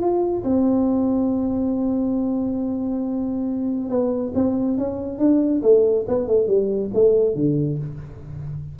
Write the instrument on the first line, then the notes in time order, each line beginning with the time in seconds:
tuba
0.00 F4
0.44 C4
3.89 B3
4.34 C4
4.78 C#4
5.18 D4
5.62 A3
6.07 B3
6.27 A3
6.47 G3
6.93 A3
7.35 D3